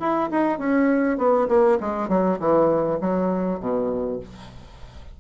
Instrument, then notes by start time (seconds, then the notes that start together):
bassoon
0.00 E4
0.31 D#4
0.58 C#4
1.18 B3
1.48 A#3
1.81 G#3
2.09 F#3
2.39 E3
3.01 F#3
3.60 B2